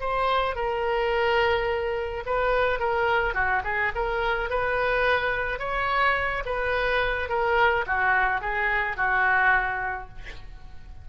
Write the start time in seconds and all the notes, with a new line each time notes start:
0.00 C5
0.55 A#4
2.26 B4
2.79 A#4
3.34 F#4
3.64 G#4
3.95 A#4
4.50 B4
5.59 C#5
6.45 B4
7.29 A#4
7.87 F#4
8.41 G#4
8.96 F#4